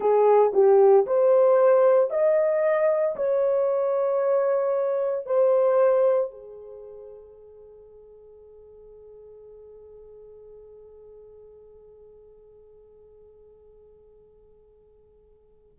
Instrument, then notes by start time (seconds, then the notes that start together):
horn
0.00 G#4
0.53 G4
1.06 C5
2.10 D#5
3.16 C#5
5.25 C5
6.31 G#4